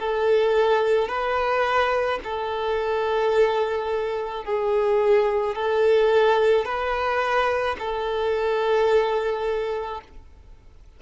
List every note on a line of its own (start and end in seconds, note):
0.00 1.09 A4
1.09 2.20 B4
2.24 4.45 A4
4.45 5.56 G#4
5.56 6.66 A4
6.66 7.77 B4
7.79 10.02 A4